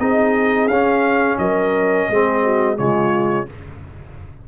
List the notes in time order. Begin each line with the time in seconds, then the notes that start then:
0.00 C4 D#4 G#4 D#5
0.68 C#4 F5
1.39 F#3 A#4 D#5
2.10 G#3 C4 G#4
2.44 F#4
2.77 C#3 G#3 F4 C#5